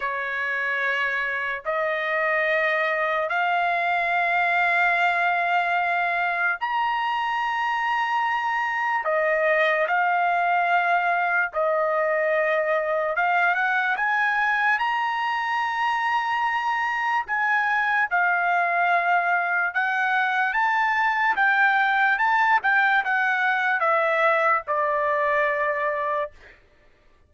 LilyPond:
\new Staff \with { instrumentName = "trumpet" } { \time 4/4 \tempo 4 = 73 cis''2 dis''2 | f''1 | ais''2. dis''4 | f''2 dis''2 |
f''8 fis''8 gis''4 ais''2~ | ais''4 gis''4 f''2 | fis''4 a''4 g''4 a''8 g''8 | fis''4 e''4 d''2 | }